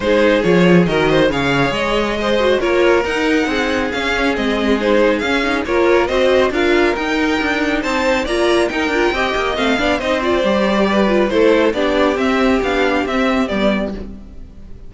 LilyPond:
<<
  \new Staff \with { instrumentName = "violin" } { \time 4/4 \tempo 4 = 138 c''4 cis''4 dis''4 f''4 | dis''2 cis''4 fis''4~ | fis''4 f''4 dis''4 c''4 | f''4 cis''4 dis''4 f''4 |
g''2 a''4 ais''4 | g''2 f''4 dis''8 d''8~ | d''2 c''4 d''4 | e''4 f''4 e''4 d''4 | }
  \new Staff \with { instrumentName = "violin" } { \time 4/4 gis'2 ais'8 c''8 cis''4~ | cis''4 c''4 ais'2 | gis'1~ | gis'4 ais'4 c''4 ais'4~ |
ais'2 c''4 d''4 | ais'4 dis''4. d''8 c''4~ | c''4 b'4 a'4 g'4~ | g'1 | }
  \new Staff \with { instrumentName = "viola" } { \time 4/4 dis'4 f'4 fis'4 gis'4~ | gis'4. fis'8 f'4 dis'4~ | dis'4 cis'4 c'4 dis'4 | cis'8 dis'8 f'4 fis'4 f'4 |
dis'2. f'4 | dis'8 f'8 g'4 c'8 d'8 dis'8 f'8 | g'4. f'8 e'4 d'4 | c'4 d'4 c'4 b4 | }
  \new Staff \with { instrumentName = "cello" } { \time 4/4 gis4 f4 dis4 cis4 | gis2 ais4 dis'4 | c'4 cis'4 gis2 | cis'4 ais4 c'4 d'4 |
dis'4 d'4 c'4 ais4 | dis'8 d'8 c'8 ais8 a8 b8 c'4 | g2 a4 b4 | c'4 b4 c'4 g4 | }
>>